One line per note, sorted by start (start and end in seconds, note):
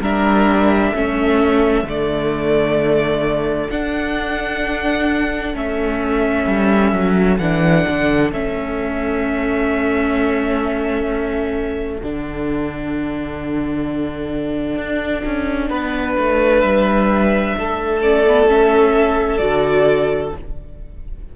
0.00 0.92 G3
0.00 0.94 D4
0.00 0.90 A#4
0.00 1.87 E5
0.90 1.83 A3
0.90 1.84 C#4
0.90 15.67 A4
1.83 3.68 D3
1.83 3.69 A3
1.83 3.70 D5
3.70 5.53 D4
3.70 5.54 D4
3.70 5.55 F#5
5.53 6.46 A3
5.53 7.38 C#4
5.53 7.38 E5
6.46 6.92 G3
6.92 7.38 F#3
7.38 7.85 E3
7.38 8.32 D4
7.38 8.30 F#5
7.88 8.31 D3
8.31 12.01 A3
8.31 12.01 C#4
8.31 12.01 E5
12.01 14.76 D3
12.01 18.02 D4
12.01 16.61 F#5
14.76 15.22 D4
15.25 15.70 C#4
15.69 16.16 B3
15.69 17.54 B4
16.17 16.62 A3
16.61 17.55 G3
16.61 17.99 E5
17.57 19.39 A3
17.57 20.36 A4
18.02 18.25 C#4
18.02 18.48 D5
18.26 18.47 B3
18.47 19.38 C#4
18.47 19.37 E5
19.37 20.32 D3
19.37 20.31 F#4
19.37 20.30 D5